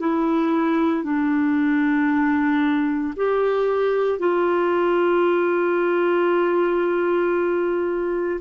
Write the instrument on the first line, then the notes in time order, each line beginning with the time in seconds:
clarinet
0.00 E4
1.03 D4
3.16 G4
4.19 F4